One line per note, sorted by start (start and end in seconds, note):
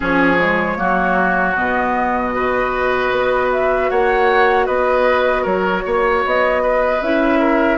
0.00 0.79 F3
0.00 0.37 C#4
0.00 0.77 G#4
0.00 1.56 C#5
0.38 0.77 G#3
0.77 1.56 F#3
0.77 1.55 A#3
0.77 2.34 F#4
1.56 3.11 B2
1.56 2.32 B3
1.56 3.50 D#5
2.32 6.99 F#4
2.32 3.90 B4
3.11 3.89 B3
3.52 3.89 E5
3.89 4.67 A#3
3.89 4.65 C#5
3.89 4.66 F#5
4.65 5.45 B3
4.65 5.42 B4
4.65 5.44 D#5
5.42 5.84 F#3
5.42 5.81 A#4
5.42 6.22 C#5
5.85 6.24 A#3
5.85 6.62 C#5
6.25 7.01 B3
6.25 7.01 D#5
6.62 7.39 B4
7.01 7.78 C#4
7.01 7.78 E4
7.01 7.78 E5
7.39 7.78 A#4